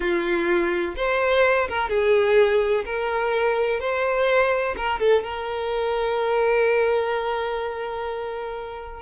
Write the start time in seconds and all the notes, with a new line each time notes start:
0.00 F4
0.96 C5
1.68 A#4
1.89 G#4
2.85 A#4
3.80 C5
4.76 A#4
4.99 A4
5.23 A#4